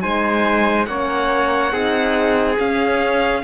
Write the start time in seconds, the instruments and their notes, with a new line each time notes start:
0.00 cello G#3, horn D#4, trumpet C5, violin G#5
0.86 cello A#3, horn C#4, trumpet C#5, violin F#5
1.72 cello C4, horn D#4, trumpet G#4
2.59 horn C#4, cello C#4, violin F5